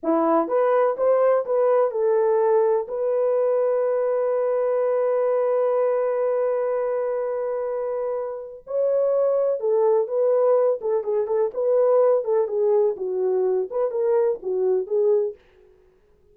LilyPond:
\new Staff \with { instrumentName = "horn" } { \time 4/4 \tempo 4 = 125 e'4 b'4 c''4 b'4 | a'2 b'2~ | b'1~ | b'1~ |
b'2 cis''2 | a'4 b'4. a'8 gis'8 a'8 | b'4. a'8 gis'4 fis'4~ | fis'8 b'8 ais'4 fis'4 gis'4 | }